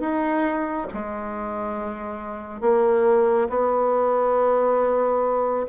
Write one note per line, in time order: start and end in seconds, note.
0.00 0.87 D#4
0.94 2.61 G#3
2.61 3.48 A#3
3.49 5.66 B3